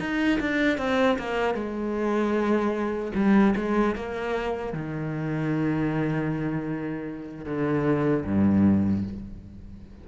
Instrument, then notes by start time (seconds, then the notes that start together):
cello
0.00 D#4
0.40 D4
0.78 C4
1.19 A#3
1.54 G#3
3.15 G3
3.56 G#3
3.95 A#3
4.73 D#3
7.45 D3
8.25 G2